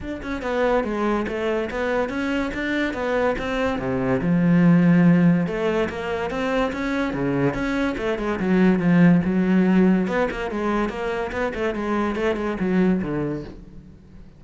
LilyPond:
\new Staff \with { instrumentName = "cello" } { \time 4/4 \tempo 4 = 143 d'8 cis'8 b4 gis4 a4 | b4 cis'4 d'4 b4 | c'4 c4 f2~ | f4 a4 ais4 c'4 |
cis'4 cis4 cis'4 a8 gis8 | fis4 f4 fis2 | b8 ais8 gis4 ais4 b8 a8 | gis4 a8 gis8 fis4 d4 | }